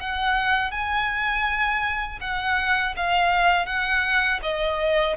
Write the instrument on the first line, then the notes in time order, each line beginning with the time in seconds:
violin
0.00 F#5
0.72 G#5
2.21 F#5
2.97 F5
3.67 F#5
4.43 D#5